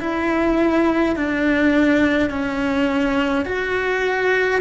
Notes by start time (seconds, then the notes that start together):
0.00 E4
1.16 D4
2.30 C#4
3.45 F#4